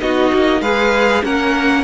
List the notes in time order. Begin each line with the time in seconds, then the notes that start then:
0.00 B3 D#4 F#4 D#5
0.33 A#3
0.61 G#3 G#4 B4 F5
1.23 A#3 C#4 A#4 F#5